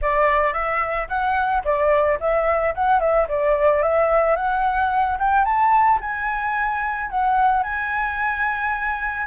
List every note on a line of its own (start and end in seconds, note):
0.01 0.53 D5
0.53 1.08 E5
1.08 1.63 F#5
1.64 2.18 D5
2.20 2.74 E5
2.74 3.00 F#5
3.00 3.27 E5
3.28 3.82 D5
3.82 4.36 E5
4.36 5.17 F#5
5.18 5.44 G5
5.44 5.99 A5
6.00 7.09 G#5
7.10 7.63 F#5
7.63 9.27 G#5